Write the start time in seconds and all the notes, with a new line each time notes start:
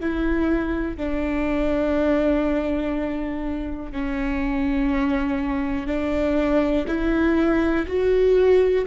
0.00 E4
0.97 D4
3.92 C#4
5.87 D4
6.88 E4
7.87 F#4